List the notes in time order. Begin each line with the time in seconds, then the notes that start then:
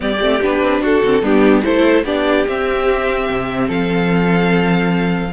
0.00 G3 B3 G4 D5
0.20 A3 C4
0.41 B3 D4 B4
0.62 C4
0.81 D4 F#4 A4
1.02 D3 C4
1.21 G3 B3 D4 G4
1.63 A3 E4 A4 C5
2.04 B3 D4 G4 D5
2.47 C4 E5
3.29 C3
3.67 F3 A4 F5